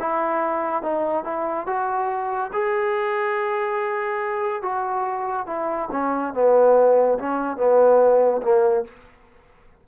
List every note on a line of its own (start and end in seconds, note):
0.00 0.83 E4
0.83 1.24 D#4
1.24 1.67 E4
1.67 2.51 F#4
2.53 4.62 G#4
4.62 5.47 F#4
5.47 5.89 E4
5.92 6.34 C#4
6.34 7.18 B3
7.19 7.57 C#4
7.57 8.41 B3
8.42 8.85 A#3